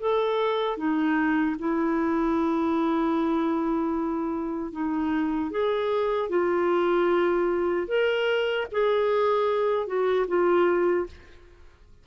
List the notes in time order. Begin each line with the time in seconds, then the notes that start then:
0.00 A4
0.78 D#4
1.59 E4
4.72 D#4
5.52 G#4
6.30 F4
7.88 A#4
8.72 G#4
9.87 F#4
10.28 F4